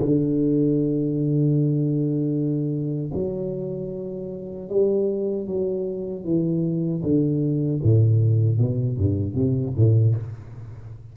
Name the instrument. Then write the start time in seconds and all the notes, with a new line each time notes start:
tuba
0.00 D3
3.14 F#3
4.70 G3
5.47 F#3
6.24 E3
7.03 D3
7.83 A2
8.59 B2
8.98 G2
9.35 C3
9.77 A2